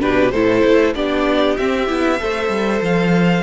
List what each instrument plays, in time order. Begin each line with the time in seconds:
0.00 cello B2, viola D4, violin G4 B4
0.31 cello A2, viola E4, violin A4 C5
0.65 cello A3
0.95 cello B3, viola D4, violin G4 D5
1.57 cello C4, viola C4, violin E5
1.88 cello B3, viola E4
2.19 cello A3, viola A4, violin C5
2.49 cello G3
2.82 cello F3, violin F5